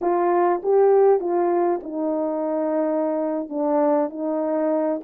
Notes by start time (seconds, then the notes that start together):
0.01 F4
0.62 G4
1.20 F4
1.83 D#4
3.49 D4
4.09 D#4